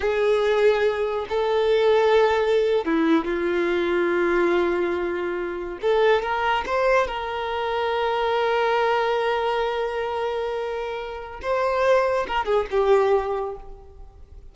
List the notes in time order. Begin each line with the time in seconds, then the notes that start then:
0.00 G#4
1.29 A4
2.85 E4
3.25 F4
5.81 A4
6.22 A#4
6.66 C5
7.07 A#4
11.41 C5
12.27 A#4
12.45 G#4
12.70 G4